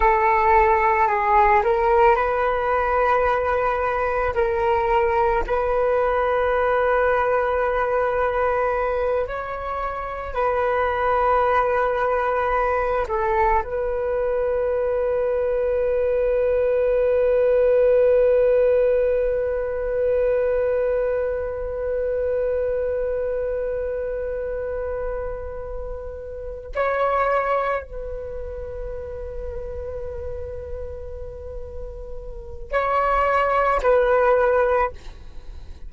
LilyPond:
\new Staff \with { instrumentName = "flute" } { \time 4/4 \tempo 4 = 55 a'4 gis'8 ais'8 b'2 | ais'4 b'2.~ | b'8 cis''4 b'2~ b'8 | a'8 b'2.~ b'8~ |
b'1~ | b'1~ | b'8 cis''4 b'2~ b'8~ | b'2 cis''4 b'4 | }